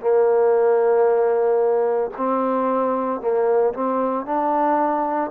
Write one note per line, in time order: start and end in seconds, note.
0.00 2.11 A#3
2.17 3.20 C4
3.20 3.73 A#3
3.73 4.25 C4
4.25 5.31 D4